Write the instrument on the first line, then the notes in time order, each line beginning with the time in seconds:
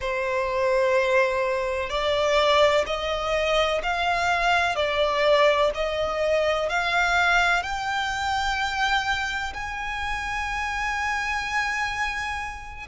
violin
0.00 C5
1.89 D5
2.86 D#5
3.83 F5
4.75 D5
5.74 D#5
6.69 F5
7.62 G5
9.53 G#5